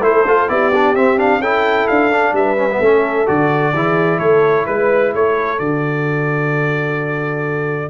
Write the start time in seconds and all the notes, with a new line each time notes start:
0.00 A3 E4 A4 C5
0.28 F4
0.49 B3 E4 G4 D5
0.75 D4
0.96 C4 E5
1.18 D4 F5
1.39 C#4 E4 A4 G5
1.88 D4 F5
2.12 D4
2.33 G3 B4 E5
2.58 C#4
2.71 B3
2.80 A3 C#4 A4
3.27 D3 F#4 D5
3.73 E3 E4 G#4
4.19 A3 A4 C#5
4.67 G#3 B4
5.15 A3 A4 C#5
5.59 D3 F#4 D5